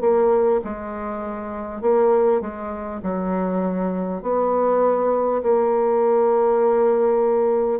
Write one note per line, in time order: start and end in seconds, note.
0.00 0.60 A#3
0.64 1.81 G#3
1.81 2.41 A#3
2.41 3.01 G#3
3.02 4.22 F#3
4.22 5.42 B3
5.42 7.79 A#3